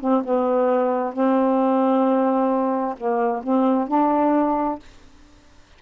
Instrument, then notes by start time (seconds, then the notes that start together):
saxophone
0.00 C4
0.24 B3
1.13 C4
2.97 A#3
3.43 C4
3.88 D4